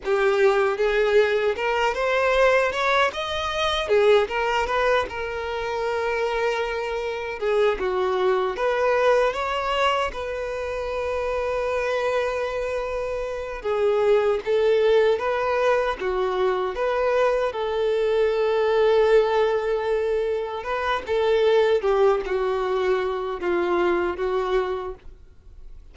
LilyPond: \new Staff \with { instrumentName = "violin" } { \time 4/4 \tempo 4 = 77 g'4 gis'4 ais'8 c''4 cis''8 | dis''4 gis'8 ais'8 b'8 ais'4.~ | ais'4. gis'8 fis'4 b'4 | cis''4 b'2.~ |
b'4. gis'4 a'4 b'8~ | b'8 fis'4 b'4 a'4.~ | a'2~ a'8 b'8 a'4 | g'8 fis'4. f'4 fis'4 | }